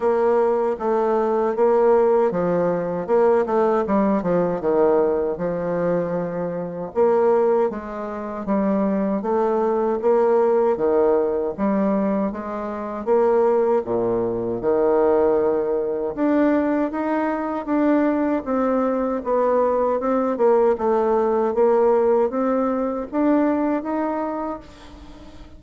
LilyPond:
\new Staff \with { instrumentName = "bassoon" } { \time 4/4 \tempo 4 = 78 ais4 a4 ais4 f4 | ais8 a8 g8 f8 dis4 f4~ | f4 ais4 gis4 g4 | a4 ais4 dis4 g4 |
gis4 ais4 ais,4 dis4~ | dis4 d'4 dis'4 d'4 | c'4 b4 c'8 ais8 a4 | ais4 c'4 d'4 dis'4 | }